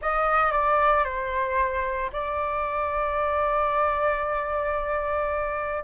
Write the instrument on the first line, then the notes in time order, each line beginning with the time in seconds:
flute
0.01 D#5
0.51 D5
1.04 C5
2.12 D5